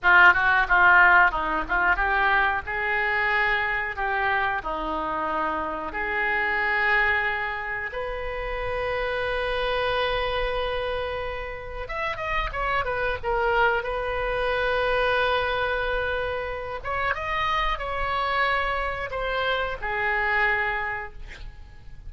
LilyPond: \new Staff \with { instrumentName = "oboe" } { \time 4/4 \tempo 4 = 91 f'8 fis'8 f'4 dis'8 f'8 g'4 | gis'2 g'4 dis'4~ | dis'4 gis'2. | b'1~ |
b'2 e''8 dis''8 cis''8 b'8 | ais'4 b'2.~ | b'4. cis''8 dis''4 cis''4~ | cis''4 c''4 gis'2 | }